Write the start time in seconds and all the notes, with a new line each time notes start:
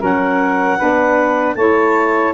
0.00 F#3 C#4 A#4 F#5
0.78 B3 D4 B4
1.56 A3 E4 C#5 A5